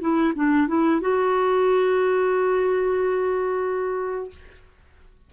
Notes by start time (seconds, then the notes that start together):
0.00 E4
0.35 D4
0.67 E4
1.01 F#4